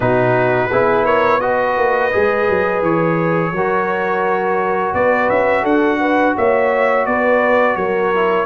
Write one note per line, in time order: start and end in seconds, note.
0.00 0.71 B2
0.00 0.70 D#4
0.00 0.71 F#4
0.00 1.05 B4
0.71 1.77 B3
0.71 1.40 E4
0.71 1.04 G#4
1.04 1.40 A#4
1.04 1.40 C#5
1.40 2.11 F#4
1.40 3.54 B4
1.40 2.81 D#5
1.77 2.12 A#3
2.12 2.49 G#3
2.12 3.53 G#4
2.49 2.81 F#3
2.81 3.52 E3
2.81 4.94 C#5
3.52 4.93 F#3
3.52 8.14 F#4
3.52 4.95 A#4
4.93 5.28 B3
4.93 5.62 B4
4.93 5.29 D5
5.29 5.63 C#4
5.29 5.65 E5
5.62 6.34 D4
5.62 5.97 A4
5.62 6.36 F#5
6.00 6.35 B4
6.37 7.06 A#3
6.37 7.07 C#5
6.37 7.06 E5
7.06 7.76 B3
7.06 7.77 B4
7.06 7.76 D5
7.76 8.46 F#3
7.76 8.46 A#4
7.76 8.46 C#5
8.14 8.46 E4